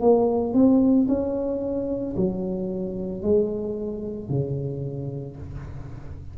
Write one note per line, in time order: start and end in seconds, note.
0.00 0.54 A#3
0.54 1.07 C4
1.08 2.15 C#4
2.16 3.22 F#3
3.22 4.29 G#3
4.29 5.36 C#3